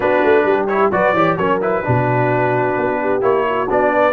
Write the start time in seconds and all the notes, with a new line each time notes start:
0.00 B3 D4 F#4 B4
0.24 A3
0.44 G3 G4
0.67 E4 C#5
0.91 F#3 F#4 B4 D5
1.13 E3 G4 C#5
1.36 F#3 C#4 A#4 C#5
1.61 E4 B4
1.83 B2 D4 F#4
2.77 B3
3.00 G4
3.21 A#3 E4 C#5
3.48 F#4
3.69 B3 D4 D5
3.93 B4